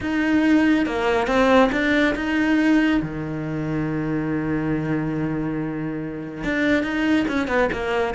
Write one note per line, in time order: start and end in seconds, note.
0.00 0.86 D#4
0.86 1.27 A#3
1.27 1.70 C4
1.72 2.14 D4
2.15 3.01 D#4
3.02 6.44 D#3
6.44 6.83 D4
6.83 7.26 D#4
7.28 7.47 C#4
7.47 7.69 B3
7.72 8.14 A#3